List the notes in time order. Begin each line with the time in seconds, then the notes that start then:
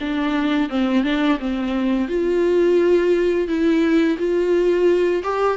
0.00 D4
0.69 C4
1.03 D4
1.39 C4
2.08 F4
3.48 E4
4.18 F4
5.23 G4